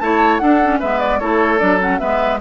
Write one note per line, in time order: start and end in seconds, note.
0.00 0.41 A3
0.00 0.41 E4
0.00 0.42 C#5
0.00 0.38 A5
0.38 0.81 D4
0.38 0.61 D4
0.38 0.79 A4
0.38 0.78 F#5
0.63 0.82 C#4
0.79 1.22 G#3
0.79 1.21 B3
0.79 1.19 B4
0.79 0.99 E5
0.99 1.19 D5
1.19 1.61 A3
1.19 1.58 E4
1.19 2.00 A4
1.19 1.59 C#5
1.58 2.01 F#3
1.58 1.78 D4
1.58 1.79 D5
1.80 1.99 C#4
1.80 1.99 F#5
1.99 2.41 G#3
1.99 2.39 B3
1.99 2.40 B4
1.99 2.39 E5